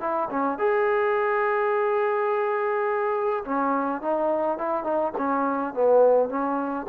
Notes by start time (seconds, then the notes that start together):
0.00 E4
0.30 C#4
0.58 G#4
3.44 C#4
4.02 D#4
4.58 E4
4.83 D#4
5.17 C#4
5.74 B3
6.29 C#4